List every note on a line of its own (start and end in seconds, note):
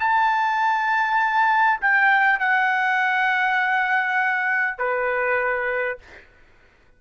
0.00 1.80 A5
1.81 2.39 G5
2.39 4.78 F#5
4.78 5.98 B4